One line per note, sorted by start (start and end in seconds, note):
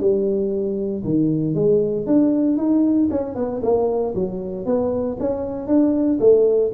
0.00 1.03 G3
1.04 1.55 D#3
1.55 2.06 G#3
2.07 2.57 D4
2.57 3.09 D#4
3.11 3.36 C#4
3.36 3.61 B3
3.63 4.14 A#3
4.15 4.66 F#3
4.66 5.17 B3
5.20 5.67 C#4
5.67 6.19 D4
6.20 6.72 A3